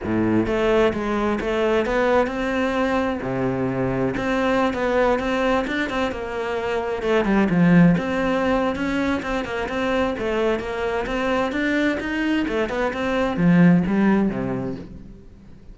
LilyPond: \new Staff \with { instrumentName = "cello" } { \time 4/4 \tempo 4 = 130 a,4 a4 gis4 a4 | b4 c'2 c4~ | c4 c'4~ c'16 b4 c'8.~ | c'16 d'8 c'8 ais2 a8 g16~ |
g16 f4 c'4.~ c'16 cis'4 | c'8 ais8 c'4 a4 ais4 | c'4 d'4 dis'4 a8 b8 | c'4 f4 g4 c4 | }